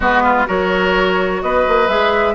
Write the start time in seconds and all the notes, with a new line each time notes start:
0.00 G#3 B3 F#4 B4
0.23 F4
0.45 F#3 F#4 A#4 C#5
1.42 B3 B4 D#5
1.67 A#3
1.87 G#3 G#4 E5